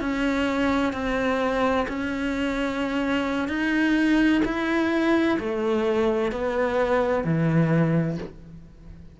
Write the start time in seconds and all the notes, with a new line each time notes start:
0.00 C#4
0.92 C4
1.88 C#4
3.48 D#4
4.44 E4
5.39 A3
6.32 B3
7.24 E3